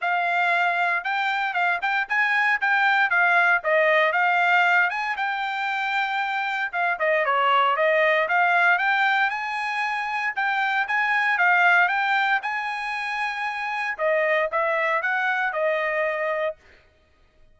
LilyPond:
\new Staff \with { instrumentName = "trumpet" } { \time 4/4 \tempo 4 = 116 f''2 g''4 f''8 g''8 | gis''4 g''4 f''4 dis''4 | f''4. gis''8 g''2~ | g''4 f''8 dis''8 cis''4 dis''4 |
f''4 g''4 gis''2 | g''4 gis''4 f''4 g''4 | gis''2. dis''4 | e''4 fis''4 dis''2 | }